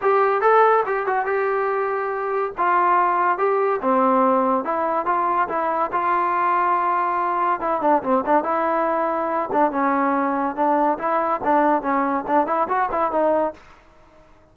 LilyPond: \new Staff \with { instrumentName = "trombone" } { \time 4/4 \tempo 4 = 142 g'4 a'4 g'8 fis'8 g'4~ | g'2 f'2 | g'4 c'2 e'4 | f'4 e'4 f'2~ |
f'2 e'8 d'8 c'8 d'8 | e'2~ e'8 d'8 cis'4~ | cis'4 d'4 e'4 d'4 | cis'4 d'8 e'8 fis'8 e'8 dis'4 | }